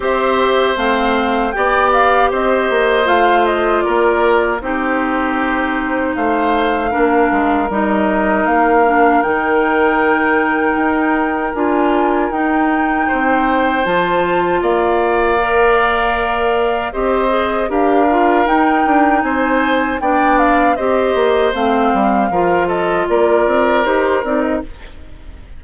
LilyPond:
<<
  \new Staff \with { instrumentName = "flute" } { \time 4/4 \tempo 4 = 78 e''4 f''4 g''8 f''8 dis''4 | f''8 dis''8 d''4 c''2 | f''2 dis''4 f''4 | g''2. gis''4 |
g''2 a''4 f''4~ | f''2 dis''4 f''4 | g''4 gis''4 g''8 f''8 dis''4 | f''4. dis''8 d''4 c''8 d''16 dis''16 | }
  \new Staff \with { instrumentName = "oboe" } { \time 4/4 c''2 d''4 c''4~ | c''4 ais'4 g'2 | c''4 ais'2.~ | ais'1~ |
ais'4 c''2 d''4~ | d''2 c''4 ais'4~ | ais'4 c''4 d''4 c''4~ | c''4 ais'8 a'8 ais'2 | }
  \new Staff \with { instrumentName = "clarinet" } { \time 4/4 g'4 c'4 g'2 | f'2 dis'2~ | dis'4 d'4 dis'4. d'8 | dis'2. f'4 |
dis'2 f'2 | ais'2 g'8 gis'8 g'8 f'8 | dis'2 d'4 g'4 | c'4 f'2 g'8 dis'8 | }
  \new Staff \with { instrumentName = "bassoon" } { \time 4/4 c'4 a4 b4 c'8 ais8 | a4 ais4 c'2 | a4 ais8 gis8 g4 ais4 | dis2 dis'4 d'4 |
dis'4 c'4 f4 ais4~ | ais2 c'4 d'4 | dis'8 d'8 c'4 b4 c'8 ais8 | a8 g8 f4 ais8 c'8 dis'8 c'8 | }
>>